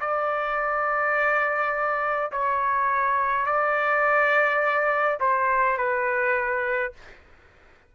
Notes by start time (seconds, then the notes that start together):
0.00 D5
2.31 C#5
3.46 D5
5.19 C5
5.77 B4